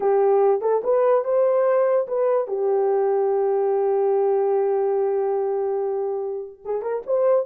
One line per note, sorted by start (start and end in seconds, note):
0.00 0.61 G4
0.61 0.82 A4
0.83 1.24 B4
1.24 2.07 C5
2.07 2.47 B4
2.47 6.61 G4
6.65 6.81 G#4
6.81 7.02 A#4
7.06 7.46 C5